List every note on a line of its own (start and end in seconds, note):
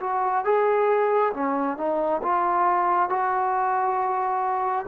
0.00 0.44 F#4
0.44 1.32 G#4
1.33 1.77 C#4
1.77 2.21 D#4
2.23 3.09 F4
3.09 4.86 F#4